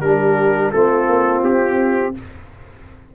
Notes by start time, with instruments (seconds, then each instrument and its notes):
0.00 tuba G3, trombone D4, horn G4, trumpet A#4
0.72 tuba A3, trombone C4, horn F4, trumpet A4
1.07 tuba A#3
1.43 tuba C4, trumpet G4